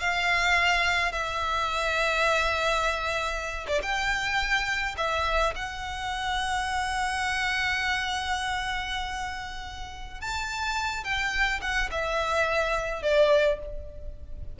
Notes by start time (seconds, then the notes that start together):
0.00 F5
1.12 E5
3.67 D5
3.82 G5
4.97 E5
5.55 F#5
10.20 A5
11.04 G5
11.61 F#5
11.91 E5
13.02 D5